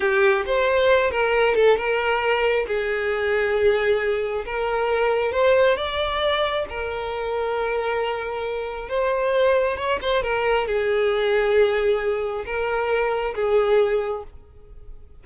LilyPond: \new Staff \with { instrumentName = "violin" } { \time 4/4 \tempo 4 = 135 g'4 c''4. ais'4 a'8 | ais'2 gis'2~ | gis'2 ais'2 | c''4 d''2 ais'4~ |
ais'1 | c''2 cis''8 c''8 ais'4 | gis'1 | ais'2 gis'2 | }